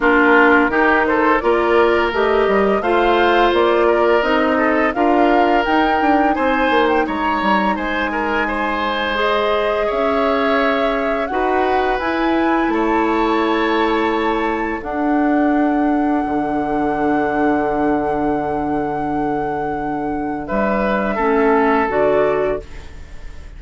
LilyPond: <<
  \new Staff \with { instrumentName = "flute" } { \time 4/4 \tempo 4 = 85 ais'4. c''8 d''4 dis''4 | f''4 d''4 dis''4 f''4 | g''4 gis''8. g''16 ais''4 gis''4~ | gis''4 dis''4 e''2 |
fis''4 gis''4 a''2~ | a''4 fis''2.~ | fis''1~ | fis''4 e''2 d''4 | }
  \new Staff \with { instrumentName = "oboe" } { \time 4/4 f'4 g'8 a'8 ais'2 | c''4. ais'4 a'8 ais'4~ | ais'4 c''4 cis''4 c''8 ais'8 | c''2 cis''2 |
b'2 cis''2~ | cis''4 a'2.~ | a'1~ | a'4 b'4 a'2 | }
  \new Staff \with { instrumentName = "clarinet" } { \time 4/4 d'4 dis'4 f'4 g'4 | f'2 dis'4 f'4 | dis'1~ | dis'4 gis'2. |
fis'4 e'2.~ | e'4 d'2.~ | d'1~ | d'2 cis'4 fis'4 | }
  \new Staff \with { instrumentName = "bassoon" } { \time 4/4 ais4 dis4 ais4 a8 g8 | a4 ais4 c'4 d'4 | dis'8 d'8 c'8 ais8 gis8 g8 gis4~ | gis2 cis'2 |
dis'4 e'4 a2~ | a4 d'2 d4~ | d1~ | d4 g4 a4 d4 | }
>>